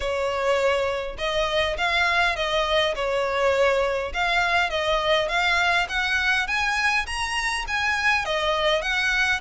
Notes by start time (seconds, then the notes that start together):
0.00 C#5
1.18 D#5
1.77 F5
2.36 D#5
2.95 C#5
4.13 F5
4.70 D#5
5.28 F5
5.88 F#5
6.47 G#5
7.06 A#5
7.67 G#5
8.25 D#5
8.81 F#5